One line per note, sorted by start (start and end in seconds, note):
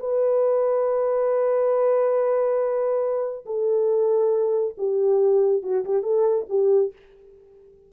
0.00 3.45 B4
3.46 4.75 A4
4.78 5.63 G4
5.63 5.84 F#4
5.85 6.03 G4
6.03 6.46 A4
6.49 6.92 G4